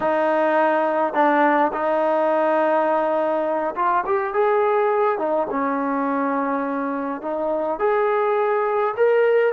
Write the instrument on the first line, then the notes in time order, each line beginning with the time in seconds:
trombone
0.00 D#4
1.13 D4
1.73 D#4
3.75 F4
4.05 G4
4.33 G#4
5.18 D#4
5.50 C#4
7.21 D#4
7.79 G#4
8.96 A#4